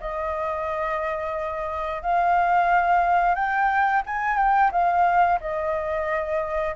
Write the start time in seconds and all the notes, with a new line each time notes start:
0.00 D#5
2.02 F5
3.35 G5
4.06 G#5
4.37 G5
4.71 F5
5.40 D#5